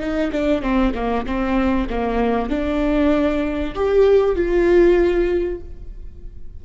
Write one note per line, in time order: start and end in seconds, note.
0.00 0.31 D#4
0.32 0.62 D4
0.62 0.93 C4
0.94 1.26 A#3
1.26 1.88 C4
1.90 2.50 A#3
2.50 3.75 D4
3.75 4.36 G4
4.36 5.61 F4